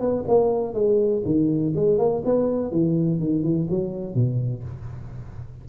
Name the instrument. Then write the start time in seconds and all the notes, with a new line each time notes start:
tuba
0.00 B3
0.28 A#3
0.74 G#3
1.25 D#3
1.75 G#3
1.98 A#3
2.25 B3
2.71 E3
3.19 D#3
3.43 E3
3.70 F#3
4.15 B2